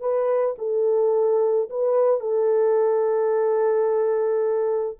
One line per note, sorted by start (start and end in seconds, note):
0.00 0.56 B4
0.58 1.69 A4
1.69 2.20 B4
2.20 4.98 A4